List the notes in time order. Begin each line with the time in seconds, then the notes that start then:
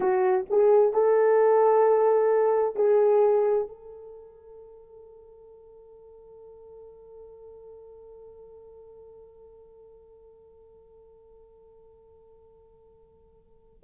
0.00 F#4
0.50 G#4
0.93 A4
2.75 G#4
3.68 A4